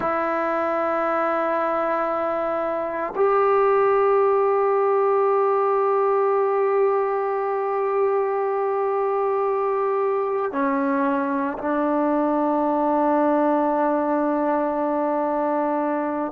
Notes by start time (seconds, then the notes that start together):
0.00 E4
3.15 G4
10.52 C#4
11.58 D4